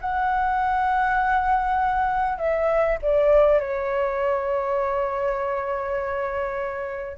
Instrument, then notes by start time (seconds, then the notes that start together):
flute
0.00 F#5
2.38 E5
3.02 D5
3.59 C#5